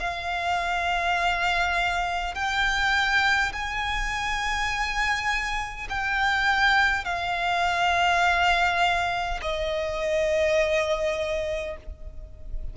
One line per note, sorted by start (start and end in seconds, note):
0.00 2.35 F5
2.35 3.52 G5
3.53 5.88 G#5
5.90 7.05 G5
7.05 9.41 F5
9.42 11.78 D#5